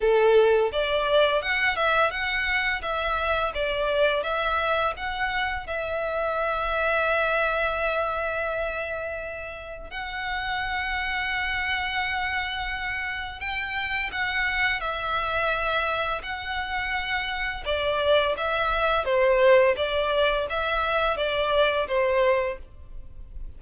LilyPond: \new Staff \with { instrumentName = "violin" } { \time 4/4 \tempo 4 = 85 a'4 d''4 fis''8 e''8 fis''4 | e''4 d''4 e''4 fis''4 | e''1~ | e''2 fis''2~ |
fis''2. g''4 | fis''4 e''2 fis''4~ | fis''4 d''4 e''4 c''4 | d''4 e''4 d''4 c''4 | }